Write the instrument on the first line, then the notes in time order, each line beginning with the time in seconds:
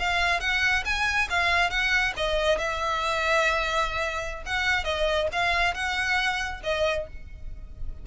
violin
0.00 F5
0.41 F#5
0.85 G#5
1.30 F5
1.70 F#5
2.17 D#5
2.59 E5
4.46 F#5
4.85 D#5
5.32 F5
5.75 F#5
6.64 D#5